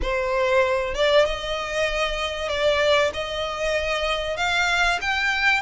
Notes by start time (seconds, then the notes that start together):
0.02 C5
0.94 D5
1.25 D#5
2.48 D5
3.13 D#5
4.37 F5
5.01 G5